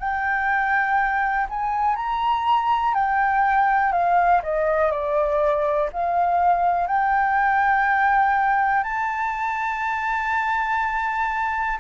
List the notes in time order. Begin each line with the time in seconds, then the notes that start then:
0.00 G5
1.50 G#5
1.96 A#5
2.95 G5
3.93 F5
4.43 D#5
4.92 D5
5.93 F5
6.87 G5
8.84 A5